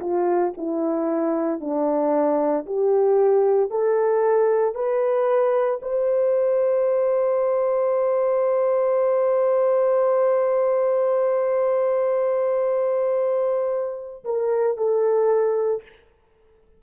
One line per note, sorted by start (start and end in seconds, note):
0.00 0.53 F4
0.57 1.60 E4
1.60 2.66 D4
2.66 3.70 G4
3.70 4.75 A4
4.75 5.80 B4
5.82 14.24 C5
14.24 14.77 A#4
14.77 15.82 A4